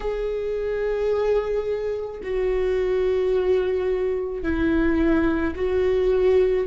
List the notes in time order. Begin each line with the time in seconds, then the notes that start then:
0.00 G#4
2.23 F#4
4.42 E4
5.56 F#4